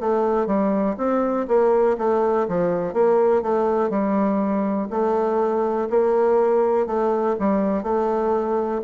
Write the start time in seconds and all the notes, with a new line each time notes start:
0.00 A3
0.46 G3
0.97 C4
1.48 A#3
1.98 A3
2.48 F3
2.94 A#3
3.42 A3
3.90 G3
4.90 A3
5.90 A#3
6.87 A3
7.39 G3
7.83 A3